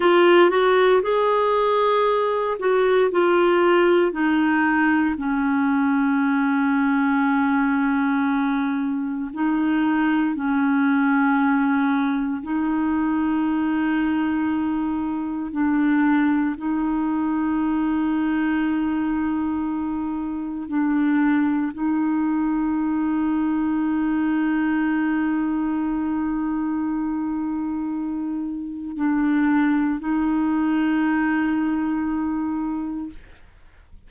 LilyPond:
\new Staff \with { instrumentName = "clarinet" } { \time 4/4 \tempo 4 = 58 f'8 fis'8 gis'4. fis'8 f'4 | dis'4 cis'2.~ | cis'4 dis'4 cis'2 | dis'2. d'4 |
dis'1 | d'4 dis'2.~ | dis'1 | d'4 dis'2. | }